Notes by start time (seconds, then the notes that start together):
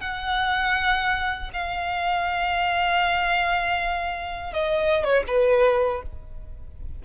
0.00 F#5
1.53 F5
4.53 D#5
5.04 C#5
5.27 B4